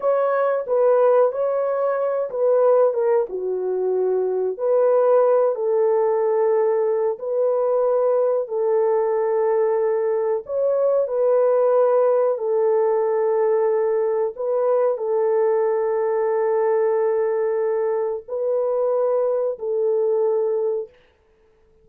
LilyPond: \new Staff \with { instrumentName = "horn" } { \time 4/4 \tempo 4 = 92 cis''4 b'4 cis''4. b'8~ | b'8 ais'8 fis'2 b'4~ | b'8 a'2~ a'8 b'4~ | b'4 a'2. |
cis''4 b'2 a'4~ | a'2 b'4 a'4~ | a'1 | b'2 a'2 | }